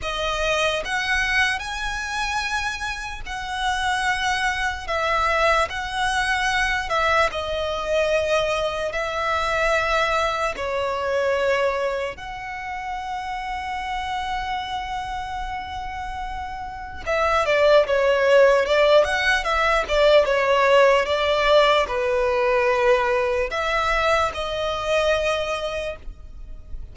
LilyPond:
\new Staff \with { instrumentName = "violin" } { \time 4/4 \tempo 4 = 74 dis''4 fis''4 gis''2 | fis''2 e''4 fis''4~ | fis''8 e''8 dis''2 e''4~ | e''4 cis''2 fis''4~ |
fis''1~ | fis''4 e''8 d''8 cis''4 d''8 fis''8 | e''8 d''8 cis''4 d''4 b'4~ | b'4 e''4 dis''2 | }